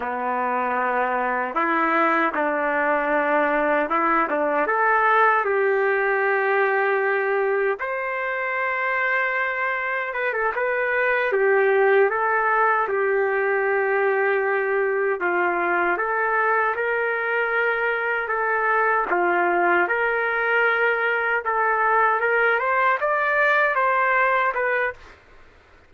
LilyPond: \new Staff \with { instrumentName = "trumpet" } { \time 4/4 \tempo 4 = 77 b2 e'4 d'4~ | d'4 e'8 d'8 a'4 g'4~ | g'2 c''2~ | c''4 b'16 a'16 b'4 g'4 a'8~ |
a'8 g'2. f'8~ | f'8 a'4 ais'2 a'8~ | a'8 f'4 ais'2 a'8~ | a'8 ais'8 c''8 d''4 c''4 b'8 | }